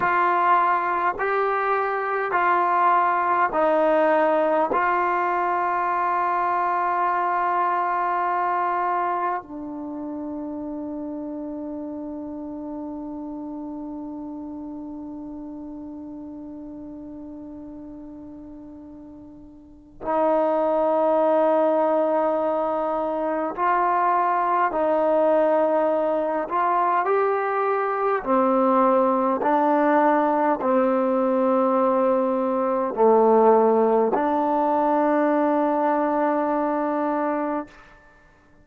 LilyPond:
\new Staff \with { instrumentName = "trombone" } { \time 4/4 \tempo 4 = 51 f'4 g'4 f'4 dis'4 | f'1 | d'1~ | d'1~ |
d'4 dis'2. | f'4 dis'4. f'8 g'4 | c'4 d'4 c'2 | a4 d'2. | }